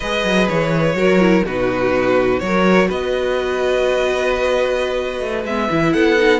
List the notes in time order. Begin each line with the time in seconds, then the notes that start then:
0.00 G#3 G#4 B4 D#5
0.24 F#3
0.48 E3 C#5
0.94 F#3 F#4 A#4
1.19 E4
1.45 B2 D#4 F#4 B4
2.39 F#3 F#4 C#5
2.45 A#4
2.87 B3 B4 D#5
5.19 A3
5.44 G#3 B3 E5
5.70 E3 E4
5.92 B3 A4 F#5
6.17 D#4